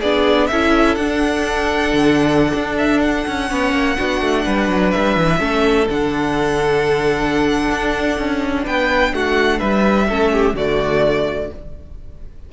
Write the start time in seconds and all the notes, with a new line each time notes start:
0.00 B3 D4 G#4 D5
0.47 C#4 E4 A4 E5
0.95 D4 F#5
1.93 D3
2.54 D4
2.78 E5
3.00 F#5
3.27 C#4
3.48 B3 C#4 C#5
3.72 A#3
3.97 B3 D4 F#4
4.21 A3
4.45 G3 B4
4.69 F#3
4.91 G3 E5
5.16 E3
5.39 A3 C#4 A4
5.89 D3 D4 F#5
7.71 D4
8.18 C#4
8.65 B3 B4 G5
9.13 A3 F#4 F#5
9.59 G3 B4 E5
10.09 A3 C#4 A4
10.32 G4
10.54 D3 A3 F#4 D5